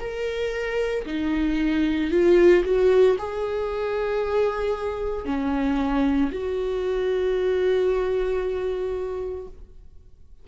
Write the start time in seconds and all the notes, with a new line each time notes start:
0.00 A#4
1.06 D#4
2.11 F4
2.65 F#4
3.18 G#4
5.25 C#4
6.32 F#4